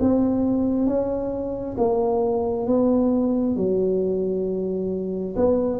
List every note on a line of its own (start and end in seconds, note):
0.00 0.87 C4
0.87 1.76 C#4
1.77 2.67 A#3
2.67 3.56 B3
3.56 5.35 F#3
5.36 5.80 B3